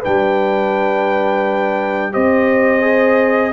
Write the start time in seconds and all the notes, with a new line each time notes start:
0.00 D4 B4 G5
0.06 G3
2.12 C4 G4 C5 D#5
2.81 G#4